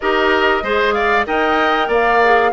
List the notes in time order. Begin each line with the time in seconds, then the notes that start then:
0.00 D#4 G4 A#4 D#5
0.62 G#3 G#4 C5
0.92 D5 F5
1.26 D#4 A#4 D#5 G5
1.88 A#3 D5 F5
2.23 G#4